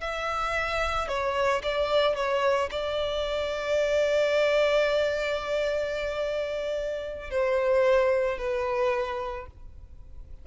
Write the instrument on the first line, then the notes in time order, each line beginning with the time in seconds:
violin
0.00 E5
1.08 C#5
1.62 D5
2.15 C#5
2.70 D5
7.30 C5
8.38 B4